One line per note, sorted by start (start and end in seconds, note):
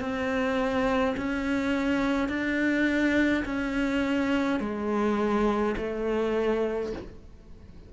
0.00 1.15 C4
1.17 2.29 C#4
2.29 3.44 D4
3.45 4.60 C#4
4.60 5.75 G#3
5.77 6.92 A3